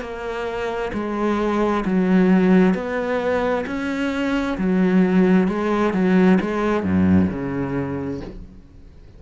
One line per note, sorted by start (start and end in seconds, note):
0.00 0.91 A#3
0.93 1.84 G#3
1.85 2.74 F#3
2.74 3.65 B3
3.66 4.57 C#4
4.57 5.48 F#3
5.48 5.93 G#3
5.93 6.38 F#3
6.40 6.83 G#3
6.83 7.29 F#2
7.29 8.20 C#3